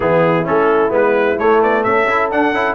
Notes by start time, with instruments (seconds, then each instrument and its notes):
0.00 tuba E3, trombone B3, horn E4, trumpet G#4
0.44 tuba A3, trombone C#4, trumpet A4
0.89 tuba G#3, trombone B3, trumpet B4
1.38 trombone A3, tuba A3, trumpet C#5
1.62 tuba B3, trumpet D5
1.83 tuba C#4, horn A4, trumpet E5
2.08 trombone E4
2.31 trombone D4, tuba D4, trumpet F#5
2.52 tuba C#4, trombone E4